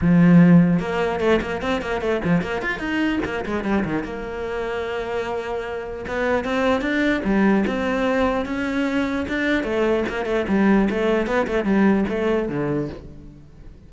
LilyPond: \new Staff \with { instrumentName = "cello" } { \time 4/4 \tempo 4 = 149 f2 ais4 a8 ais8 | c'8 ais8 a8 f8 ais8 f'8 dis'4 | ais8 gis8 g8 dis8 ais2~ | ais2. b4 |
c'4 d'4 g4 c'4~ | c'4 cis'2 d'4 | a4 ais8 a8 g4 a4 | b8 a8 g4 a4 d4 | }